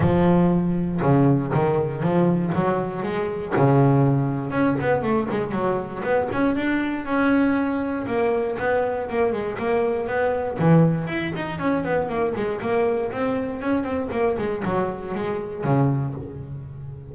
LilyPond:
\new Staff \with { instrumentName = "double bass" } { \time 4/4 \tempo 4 = 119 f2 cis4 dis4 | f4 fis4 gis4 cis4~ | cis4 cis'8 b8 a8 gis8 fis4 | b8 cis'8 d'4 cis'2 |
ais4 b4 ais8 gis8 ais4 | b4 e4 e'8 dis'8 cis'8 b8 | ais8 gis8 ais4 c'4 cis'8 c'8 | ais8 gis8 fis4 gis4 cis4 | }